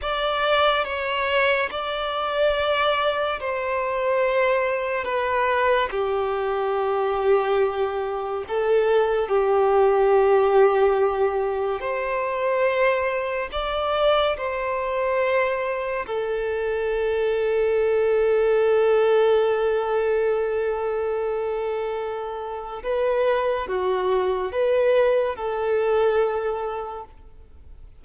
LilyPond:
\new Staff \with { instrumentName = "violin" } { \time 4/4 \tempo 4 = 71 d''4 cis''4 d''2 | c''2 b'4 g'4~ | g'2 a'4 g'4~ | g'2 c''2 |
d''4 c''2 a'4~ | a'1~ | a'2. b'4 | fis'4 b'4 a'2 | }